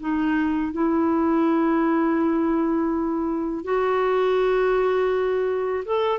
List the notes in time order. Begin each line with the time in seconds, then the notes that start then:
0.00 D#4
0.73 E4
3.65 F#4
5.85 A4